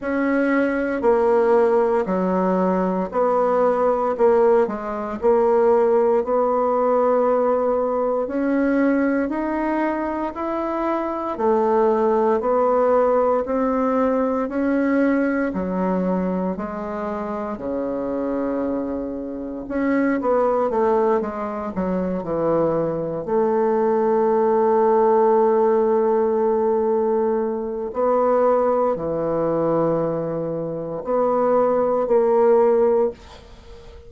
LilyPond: \new Staff \with { instrumentName = "bassoon" } { \time 4/4 \tempo 4 = 58 cis'4 ais4 fis4 b4 | ais8 gis8 ais4 b2 | cis'4 dis'4 e'4 a4 | b4 c'4 cis'4 fis4 |
gis4 cis2 cis'8 b8 | a8 gis8 fis8 e4 a4.~ | a2. b4 | e2 b4 ais4 | }